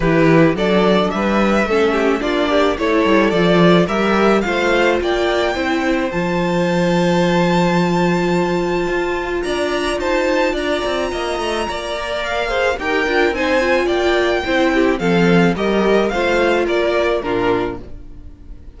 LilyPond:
<<
  \new Staff \with { instrumentName = "violin" } { \time 4/4 \tempo 4 = 108 b'4 d''4 e''2 | d''4 cis''4 d''4 e''4 | f''4 g''2 a''4~ | a''1~ |
a''4 ais''4 a''4 ais''4~ | ais''2 f''4 g''4 | gis''4 g''2 f''4 | dis''4 f''4 d''4 ais'4 | }
  \new Staff \with { instrumentName = "violin" } { \time 4/4 g'4 a'4 b'4 a'8 g'8 | f'8 g'8 a'2 ais'4 | c''4 d''4 c''2~ | c''1~ |
c''4 d''4 c''4 d''4 | dis''4 d''4. c''8 ais'4 | c''4 d''4 c''8 g'8 a'4 | ais'4 c''4 ais'4 f'4 | }
  \new Staff \with { instrumentName = "viola" } { \time 4/4 e'4 d'2 cis'4 | d'4 e'4 f'4 g'4 | f'2 e'4 f'4~ | f'1~ |
f'1~ | f'4. ais'4 gis'8 g'8 f'8 | dis'8 f'4. e'4 c'4 | g'4 f'2 d'4 | }
  \new Staff \with { instrumentName = "cello" } { \time 4/4 e4 fis4 g4 a4 | ais4 a8 g8 f4 g4 | a4 ais4 c'4 f4~ | f1 |
f'4 d'4 dis'4 d'8 c'8 | ais8 a8 ais2 dis'8 d'8 | c'4 ais4 c'4 f4 | g4 a4 ais4 ais,4 | }
>>